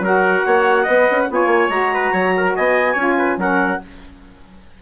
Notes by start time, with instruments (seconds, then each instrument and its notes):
0.00 bassoon F#3, saxophone F#4, trumpet A#4, clarinet F#5
0.46 bassoon A#3, trumpet C#5
0.83 bassoon B3, saxophone B4, trumpet D#5
1.11 bassoon C#4
1.29 bassoon B3, saxophone F4, trumpet C#5, clarinet G#5
1.47 bassoon A#3
1.69 bassoon G#3, saxophone F#4, clarinet A#5
1.94 trumpet B4
2.12 bassoon F#3, trumpet C#5
2.37 trumpet A#4
2.56 bassoon B3, trumpet D#5, clarinet G#5
2.93 bassoon C#4, saxophone F4, trumpet C#5
3.18 trumpet B4
3.37 bassoon F#3, saxophone C#4, trumpet A#4, clarinet F#5